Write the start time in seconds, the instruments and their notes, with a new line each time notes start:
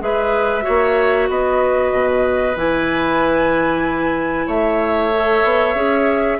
0.00 bassoon G#3, clarinet G#4, oboe B4, flute E5
0.62 clarinet F#4, oboe C#5
0.69 bassoon A#3
1.29 bassoon B3, oboe B4, flute D#5
1.92 bassoon B2
2.56 bassoon E3, clarinet E4, flute G#5
4.47 bassoon A3, oboe C#5, flute E5
5.13 clarinet A4
5.44 bassoon B3
5.75 bassoon C#4, clarinet G#4